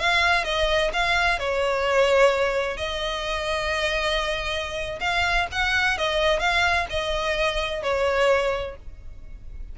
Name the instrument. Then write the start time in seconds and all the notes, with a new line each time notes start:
violin
0.00 F5
0.45 D#5
0.94 F5
1.39 C#5
2.77 D#5
5.01 F5
5.52 F#5
5.98 D#5
6.40 F5
6.90 D#5
7.83 C#5